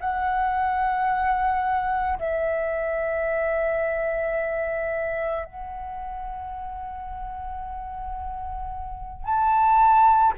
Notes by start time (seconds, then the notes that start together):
0.00 F#5
2.18 E5
5.45 F#5
9.24 A5